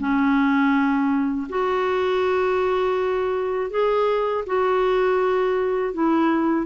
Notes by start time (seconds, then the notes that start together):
0.00 C#4
1.49 F#4
3.71 G#4
4.47 F#4
5.94 E4